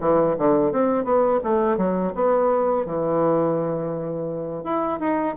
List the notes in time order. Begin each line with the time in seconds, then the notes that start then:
0.00 E3
0.38 D3
0.72 C4
1.04 B3
1.44 A3
1.77 F#3
2.15 B3
2.86 E3
4.64 E4
4.99 D#4